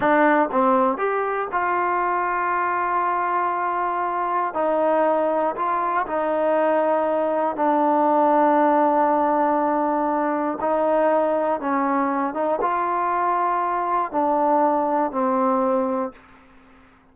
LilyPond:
\new Staff \with { instrumentName = "trombone" } { \time 4/4 \tempo 4 = 119 d'4 c'4 g'4 f'4~ | f'1~ | f'4 dis'2 f'4 | dis'2. d'4~ |
d'1~ | d'4 dis'2 cis'4~ | cis'8 dis'8 f'2. | d'2 c'2 | }